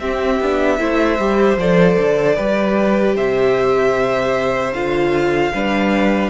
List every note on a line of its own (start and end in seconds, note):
0.00 0.40 C4
0.00 0.41 C4
0.00 0.80 G4
0.00 1.58 E5
0.40 0.80 B3
0.40 0.79 D4
0.79 1.19 A3
0.79 1.18 E4
0.79 2.36 C5
1.19 1.57 G3
1.19 1.59 G4
1.57 1.97 F3
1.57 2.36 A4
1.57 3.17 D5
1.99 2.38 D3
2.36 3.16 G3
2.36 4.73 G4
2.36 3.15 B4
3.15 4.73 C3
3.15 5.52 C5
3.15 4.74 E5
4.73 5.52 D3
4.73 5.54 F4
4.73 6.31 F5
5.53 6.31 G3
5.53 6.31 D4
5.53 6.31 B4